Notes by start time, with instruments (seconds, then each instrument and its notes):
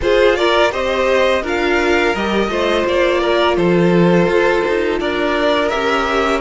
0.01 viola F4, cello F4, violin G#4 C5
0.35 violin A#4 D5
0.70 cello C4, viola G4, violin C5 D#5
1.42 cello D4, viola F4, violin A#4 F5
2.15 cello G3, viola G4, violin D#5
2.48 cello A3, viola F4, violin C5
2.85 cello A#3, violin D5
3.20 violin A#4
3.56 cello F3, violin A4 C5
4.26 cello F4
4.68 cello D#4
4.99 cello D4, violin A#4 D5
5.68 cello C#4, viola G4, violin E5